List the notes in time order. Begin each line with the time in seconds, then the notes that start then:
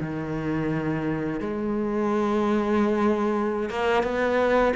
0.00 D#3
1.40 G#3
3.70 A#3
4.03 B3